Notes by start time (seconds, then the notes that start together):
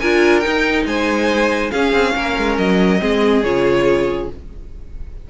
0.00 D4 F4 A#4 G#5
0.40 D#4 G5
0.46 D#4
0.85 G#3 C5 G#5
1.71 C#4 G#4 F5
1.92 C4
2.15 A#3 A#4
2.37 G#3
2.58 F#3 D#5
2.99 G#3 C4 G#4
3.43 C#3 F4 C#5